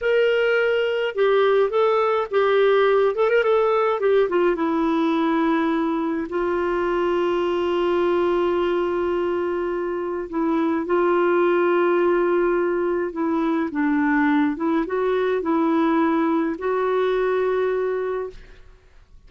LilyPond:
\new Staff \with { instrumentName = "clarinet" } { \time 4/4 \tempo 4 = 105 ais'2 g'4 a'4 | g'4. a'16 ais'16 a'4 g'8 f'8 | e'2. f'4~ | f'1~ |
f'2 e'4 f'4~ | f'2. e'4 | d'4. e'8 fis'4 e'4~ | e'4 fis'2. | }